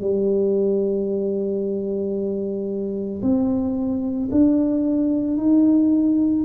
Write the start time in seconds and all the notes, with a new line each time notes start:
0.00 G3
3.22 C4
4.31 D4
5.37 D#4